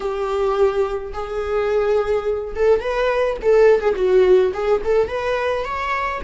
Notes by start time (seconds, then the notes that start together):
0.00 G4
1.13 G#4
2.55 A4
2.80 B4
3.42 A4
3.81 G#4
3.95 F#4
4.53 G#4
4.84 A4
5.08 B4
5.64 C#5